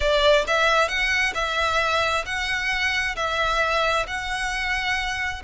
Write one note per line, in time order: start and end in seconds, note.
0.00 0.45 D5
0.47 0.88 E5
0.88 1.33 F#5
1.34 2.24 E5
2.25 3.15 F#5
3.15 4.06 E5
4.07 5.42 F#5